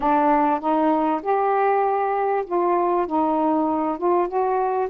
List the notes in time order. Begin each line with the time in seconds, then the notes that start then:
0.00 D4
0.60 D#4
1.22 G4
2.46 F4
3.06 D#4
3.98 F4
4.27 F#4